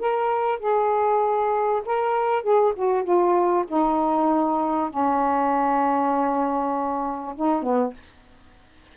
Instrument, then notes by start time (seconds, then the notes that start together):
saxophone
0.00 A#4
0.60 G#4
1.86 A#4
2.43 G#4
2.76 F#4
3.04 F4
3.68 D#4
4.90 C#4
7.36 D#4
7.63 B3